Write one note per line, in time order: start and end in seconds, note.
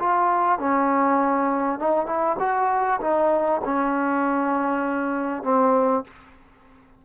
0.00 0.59 F4
0.59 1.80 C#4
1.80 2.07 D#4
2.07 2.37 E4
2.40 3.00 F#4
3.01 3.62 D#4
3.65 5.44 C#4
5.44 6.04 C4